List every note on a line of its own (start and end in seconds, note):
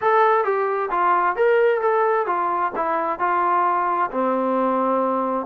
0.01 0.44 A4
0.44 0.89 G4
0.90 1.36 F4
1.36 1.81 A#4
1.81 2.26 A4
2.26 2.71 F4
2.75 3.19 E4
3.19 4.10 F4
4.11 5.46 C4